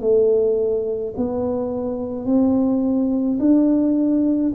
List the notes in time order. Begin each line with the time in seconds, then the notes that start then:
0.00 A3
1.16 B3
2.25 C4
3.39 D4